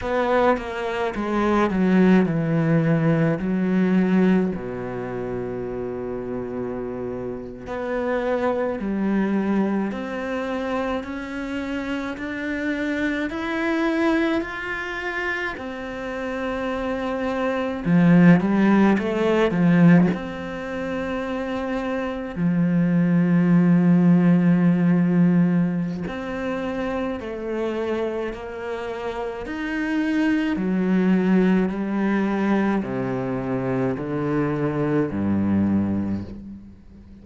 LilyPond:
\new Staff \with { instrumentName = "cello" } { \time 4/4 \tempo 4 = 53 b8 ais8 gis8 fis8 e4 fis4 | b,2~ b,8. b4 g16~ | g8. c'4 cis'4 d'4 e'16~ | e'8. f'4 c'2 f16~ |
f16 g8 a8 f8 c'2 f16~ | f2. c'4 | a4 ais4 dis'4 fis4 | g4 c4 d4 g,4 | }